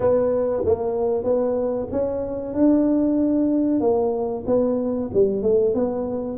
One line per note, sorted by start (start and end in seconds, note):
0.00 0.63 B3
0.65 1.23 A#3
1.23 1.87 B3
1.91 2.54 C#4
2.54 3.80 D4
3.80 4.44 A#3
4.46 5.10 B3
5.13 5.42 G3
5.42 5.74 A3
5.74 6.37 B3